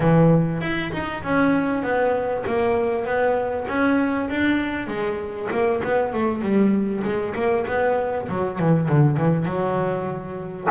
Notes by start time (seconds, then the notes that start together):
0.00 E3
0.61 E4
0.92 D#4
1.23 C#4
1.83 B3
2.46 A#3
3.05 B3
3.68 C#4
4.29 D4
4.87 G#3
5.51 A#3
5.83 B3
6.13 A3
6.41 G3
7.04 G#3
7.35 A#3
7.66 B3
8.28 F#3
8.59 E3
8.88 D3
9.16 E3
9.45 F#3